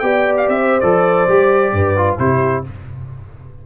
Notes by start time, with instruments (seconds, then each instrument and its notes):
0.00 tuba B3, trombone G4, horn D5, trumpet G5
0.37 trumpet F5
0.48 tuba C4, trumpet E5
0.60 horn C5
0.81 tuba F3, trombone A4, trumpet D5
1.29 tuba G3, trombone G4
1.73 tuba G2, horn B4
1.97 trombone F4
2.19 tuba C3, trombone E4, horn G4, trumpet C5